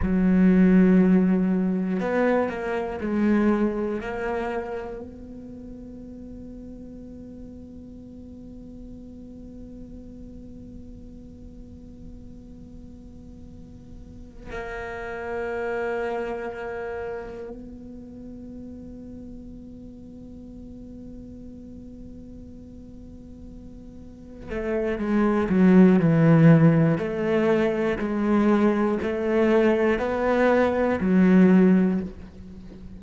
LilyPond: \new Staff \with { instrumentName = "cello" } { \time 4/4 \tempo 4 = 60 fis2 b8 ais8 gis4 | ais4 b2.~ | b1~ | b2~ b8 ais4.~ |
ais4. b2~ b8~ | b1~ | b8 a8 gis8 fis8 e4 a4 | gis4 a4 b4 fis4 | }